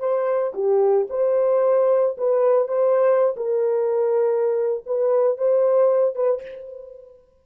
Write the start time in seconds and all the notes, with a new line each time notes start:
0.00 C5
0.54 G4
1.10 C5
2.18 B4
2.68 C5
3.37 A#4
4.86 B4
5.38 C5
6.16 B4